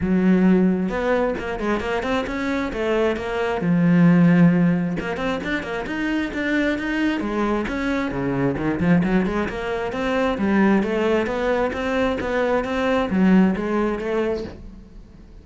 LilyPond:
\new Staff \with { instrumentName = "cello" } { \time 4/4 \tempo 4 = 133 fis2 b4 ais8 gis8 | ais8 c'8 cis'4 a4 ais4 | f2. ais8 c'8 | d'8 ais8 dis'4 d'4 dis'4 |
gis4 cis'4 cis4 dis8 f8 | fis8 gis8 ais4 c'4 g4 | a4 b4 c'4 b4 | c'4 fis4 gis4 a4 | }